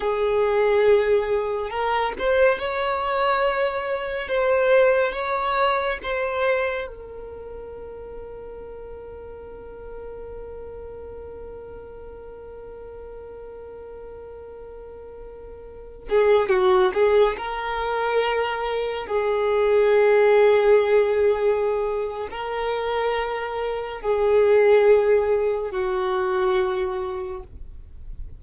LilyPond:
\new Staff \with { instrumentName = "violin" } { \time 4/4 \tempo 4 = 70 gis'2 ais'8 c''8 cis''4~ | cis''4 c''4 cis''4 c''4 | ais'1~ | ais'1~ |
ais'2~ ais'8. gis'8 fis'8 gis'16~ | gis'16 ais'2 gis'4.~ gis'16~ | gis'2 ais'2 | gis'2 fis'2 | }